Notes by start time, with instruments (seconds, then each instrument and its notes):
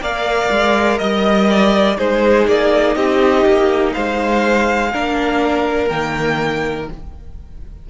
0.00 cello A#3, viola A#4, violin D5 F5
0.51 cello G#3
0.98 cello G3, violin D#5
1.50 violin D5
1.97 cello G#3, viola D#4, violin G#4 C5
2.47 cello A#3, violin D5
2.95 cello C4, violin G4 D#5
3.46 cello A#3
3.92 cello G#3, violin C5 F5
4.92 cello A#3, viola D4, violin A#4
5.88 cello D#3, viola A#3, violin G5